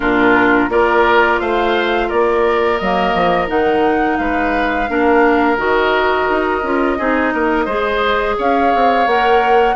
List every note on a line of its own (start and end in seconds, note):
0.00 0.68 A#2
0.00 0.69 D4
0.00 0.69 F4
0.00 0.70 A#4
0.68 1.38 A#3
0.68 2.79 F4
0.68 1.40 A#4
0.68 1.39 D5
1.39 2.10 A3
1.39 2.07 C5
1.39 2.09 F5
2.07 2.80 A#3
2.07 4.16 A#4
2.07 2.77 D5
2.77 3.14 F#3
2.77 3.47 A#3
2.77 3.47 D#5
3.14 3.48 F3
3.47 4.18 D#3
3.47 4.86 D#4
3.47 4.17 F#5
4.17 4.88 G#3
4.17 4.90 B4
4.17 5.57 F5
4.88 5.57 A#3
4.88 5.57 D4
4.88 6.98 A#4
5.57 6.27 D#3
5.57 6.62 F#4
5.57 8.36 D#5
6.29 6.62 D#4
6.62 6.97 C#4
6.62 6.98 F4
6.98 7.33 C4
6.98 7.67 D#4
6.98 7.33 G#4
7.33 7.66 A#3
7.33 7.65 A#4
7.65 8.36 G#3
7.65 9.07 G#4
7.65 8.35 C5
8.37 8.73 C#4
8.37 9.75 C#5
8.37 9.07 F5
8.74 9.06 C4
9.06 9.75 A#3
9.06 9.75 A#4
9.06 9.75 F#5